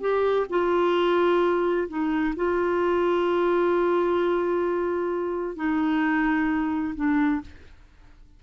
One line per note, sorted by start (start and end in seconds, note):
0.00 0.46 G4
0.49 1.88 F4
1.88 2.34 D#4
2.36 5.56 F4
5.56 6.94 D#4
6.95 7.41 D4